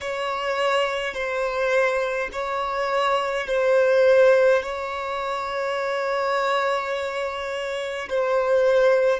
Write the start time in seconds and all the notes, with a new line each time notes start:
0.01 C#5
1.14 C5
2.32 C#5
3.47 C5
4.62 C#5
8.09 C5